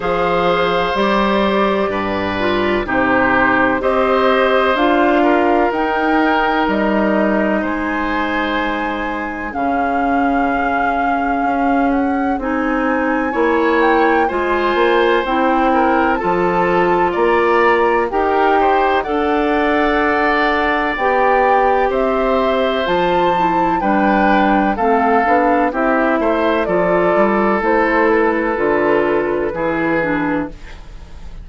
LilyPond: <<
  \new Staff \with { instrumentName = "flute" } { \time 4/4 \tempo 4 = 63 f''4 d''2 c''4 | dis''4 f''4 g''4 dis''4 | gis''2 f''2~ | f''8 fis''8 gis''4. g''8 gis''4 |
g''4 a''4 ais''4 g''4 | fis''2 g''4 e''4 | a''4 g''4 f''4 e''4 | d''4 c''8 b'2~ b'8 | }
  \new Staff \with { instrumentName = "oboe" } { \time 4/4 c''2 b'4 g'4 | c''4. ais'2~ ais'8 | c''2 gis'2~ | gis'2 cis''4 c''4~ |
c''8 ais'8 a'4 d''4 ais'8 c''8 | d''2. c''4~ | c''4 b'4 a'4 g'8 c''8 | a'2. gis'4 | }
  \new Staff \with { instrumentName = "clarinet" } { \time 4/4 gis'4 g'4. f'8 dis'4 | g'4 f'4 dis'2~ | dis'2 cis'2~ | cis'4 dis'4 e'4 f'4 |
e'4 f'2 g'4 | a'2 g'2 | f'8 e'8 d'4 c'8 d'8 e'4 | f'4 e'4 f'4 e'8 d'8 | }
  \new Staff \with { instrumentName = "bassoon" } { \time 4/4 f4 g4 g,4 c4 | c'4 d'4 dis'4 g4 | gis2 cis2 | cis'4 c'4 ais4 gis8 ais8 |
c'4 f4 ais4 dis'4 | d'2 b4 c'4 | f4 g4 a8 b8 c'8 a8 | f8 g8 a4 d4 e4 | }
>>